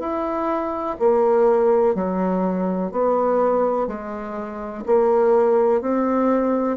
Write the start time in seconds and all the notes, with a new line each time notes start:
0.00 E4
0.99 A#3
1.95 F#3
2.92 B3
3.88 G#3
4.86 A#3
5.82 C4